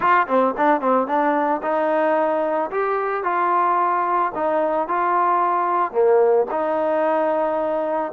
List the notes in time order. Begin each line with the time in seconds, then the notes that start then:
0.00 F4
0.27 C4
0.57 D4
0.81 C4
1.07 D4
1.62 D#4
2.71 G4
3.23 F4
4.34 D#4
4.88 F4
5.92 A#3
6.50 D#4